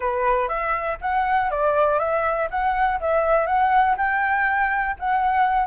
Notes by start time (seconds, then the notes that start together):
0.00 B4
0.48 E5
1.01 F#5
1.50 D5
1.99 E5
2.50 F#5
3.00 E5
3.46 F#5
3.97 G5
4.99 F#5